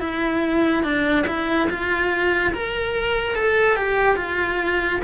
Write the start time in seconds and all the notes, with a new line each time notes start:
0.00 E4
0.83 D4
1.27 E4
1.70 F4
2.54 A#4
3.36 A4
3.77 G4
4.17 F4